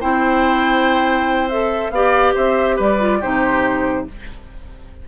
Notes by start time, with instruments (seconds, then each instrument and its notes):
0.00 bassoon C4, clarinet E4, oboe C5, flute G5
1.49 clarinet A4, flute E5
1.91 bassoon B3, clarinet G4, oboe D5, flute F5
2.35 bassoon C4, oboe C5, flute E5
2.76 bassoon G3, oboe B4, flute D5
2.99 clarinet F4
3.20 bassoon C3, clarinet D#4, oboe G4, flute C5